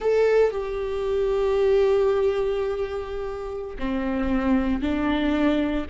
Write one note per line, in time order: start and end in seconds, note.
0.00 0.51 A4
0.51 3.77 G4
3.78 4.81 C4
4.81 5.86 D4